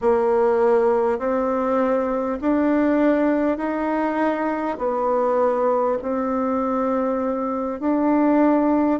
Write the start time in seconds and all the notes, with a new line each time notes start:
0.01 A#3
1.18 C4
2.41 D4
3.57 D#4
4.78 B3
6.02 C4
7.80 D4